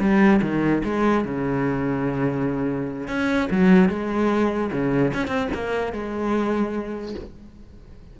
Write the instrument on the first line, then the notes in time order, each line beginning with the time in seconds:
cello
0.00 G3
0.42 D#3
0.84 G#3
1.25 C#3
3.08 C#4
3.51 F#3
3.89 G#3
4.72 C#3
5.14 C#4
5.28 C4
5.54 A#3
5.93 G#3